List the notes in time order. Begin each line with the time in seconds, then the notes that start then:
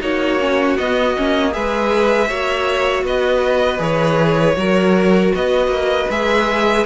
0.00 A#3 D#4 F#4 C#5
0.40 C#4
0.78 B3 D#5
1.17 A#3 C#4
1.52 G#3 G#4 B4 E5
2.28 A#3 F#4 C#5
3.04 B3 B4 D#5
3.78 E3 G#4 C#5
4.57 F#3 F#4 A#4
5.35 B3 B4 D#5
5.68 A#3
6.10 G#3 G#4 E5